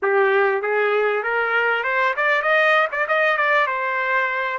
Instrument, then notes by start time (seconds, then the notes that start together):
trumpet
0.02 G4
0.62 G#4
1.23 A#4
1.83 C5
2.16 D5
2.42 D#5
2.91 D5
3.08 D#5
3.37 D5
3.67 C5